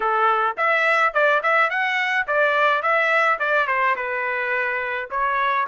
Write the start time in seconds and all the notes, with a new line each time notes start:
0.00 A4
0.57 E5
1.13 D5
1.43 E5
1.70 F#5
2.27 D5
2.82 E5
3.39 D5
3.67 C5
3.96 B4
5.10 C#5